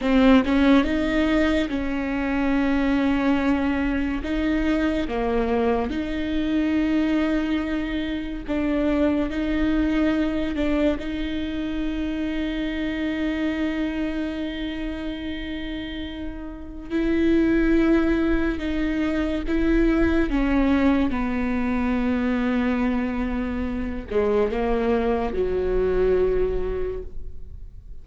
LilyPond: \new Staff \with { instrumentName = "viola" } { \time 4/4 \tempo 4 = 71 c'8 cis'8 dis'4 cis'2~ | cis'4 dis'4 ais4 dis'4~ | dis'2 d'4 dis'4~ | dis'8 d'8 dis'2.~ |
dis'1 | e'2 dis'4 e'4 | cis'4 b2.~ | b8 gis8 ais4 fis2 | }